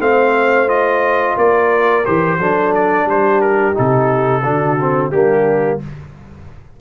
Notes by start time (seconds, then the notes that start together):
0.00 A3 C4 C5 F5
0.68 F4 D#5
1.37 A#3 A#4 D5
2.06 E3 G4 C5
2.38 F#3 D4 A4
2.75 D5
3.06 G3 G4 C5
3.41 A#4
3.74 C3 D#4 A4
4.44 D3 D4 F#4
4.81 C4
5.12 G3 A#3 D4 G4